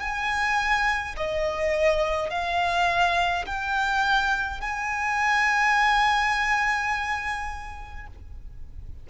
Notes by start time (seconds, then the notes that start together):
0.00 G#5
1.17 D#5
2.30 F5
3.46 G5
4.60 G#5